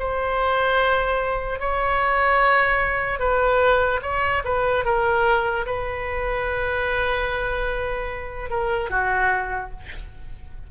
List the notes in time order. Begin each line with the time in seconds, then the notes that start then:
0.00 C5
1.60 C#5
3.20 B4
4.02 C#5
4.45 B4
4.85 A#4
5.66 B4
8.51 A#4
8.90 F#4